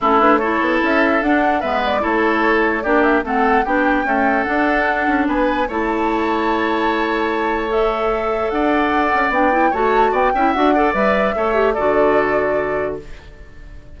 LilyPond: <<
  \new Staff \with { instrumentName = "flute" } { \time 4/4 \tempo 4 = 148 a'8 b'8 cis''4 e''4 fis''4 | e''8 d''8 cis''2 d''8 e''8 | fis''4 g''2 fis''4~ | fis''4 gis''4 a''2~ |
a''2. e''4~ | e''4 fis''2 g''4 | a''4 g''4 fis''4 e''4~ | e''4 d''2. | }
  \new Staff \with { instrumentName = "oboe" } { \time 4/4 e'4 a'2. | b'4 a'2 g'4 | a'4 g'4 a'2~ | a'4 b'4 cis''2~ |
cis''1~ | cis''4 d''2. | cis''4 d''8 e''4 d''4. | cis''4 a'2. | }
  \new Staff \with { instrumentName = "clarinet" } { \time 4/4 cis'8 d'8 e'2 d'4 | b4 e'2 d'4 | c'4 d'4 a4 d'4~ | d'2 e'2~ |
e'2. a'4~ | a'2. d'8 e'8 | fis'4. e'8 fis'8 a'8 b'4 | a'8 g'8 fis'2. | }
  \new Staff \with { instrumentName = "bassoon" } { \time 4/4 a4. b8 cis'4 d'4 | gis4 a2 ais4 | a4 b4 cis'4 d'4~ | d'8 cis'8 b4 a2~ |
a1~ | a4 d'4. cis'8 b4 | a4 b8 cis'8 d'4 g4 | a4 d2. | }
>>